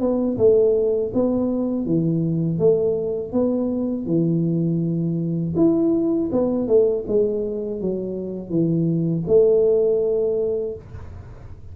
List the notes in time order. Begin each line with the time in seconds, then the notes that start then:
0.00 B3
0.38 A3
1.14 B3
1.86 E3
2.59 A3
3.32 B3
4.06 E3
5.56 E4
6.32 B3
6.67 A3
7.07 G#3
7.80 F#3
8.49 E3
9.27 A3